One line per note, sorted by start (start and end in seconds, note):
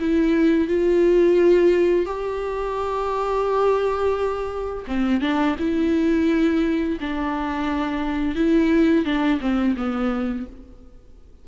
0.00 0.68 E4
0.68 2.06 F4
2.06 4.85 G4
4.88 5.21 C4
5.21 5.56 D4
5.59 6.99 E4
7.00 8.36 D4
8.36 9.05 E4
9.05 9.40 D4
9.41 9.76 C4
9.77 10.47 B3